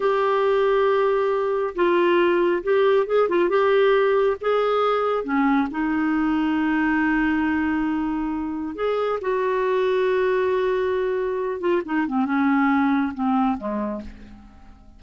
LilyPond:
\new Staff \with { instrumentName = "clarinet" } { \time 4/4 \tempo 4 = 137 g'1 | f'2 g'4 gis'8 f'8 | g'2 gis'2 | cis'4 dis'2.~ |
dis'1 | gis'4 fis'2.~ | fis'2~ fis'8 f'8 dis'8 c'8 | cis'2 c'4 gis4 | }